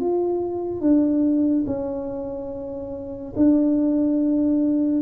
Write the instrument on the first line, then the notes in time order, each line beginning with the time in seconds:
tuba
0.00 F4
0.81 D4
1.67 C#4
3.36 D4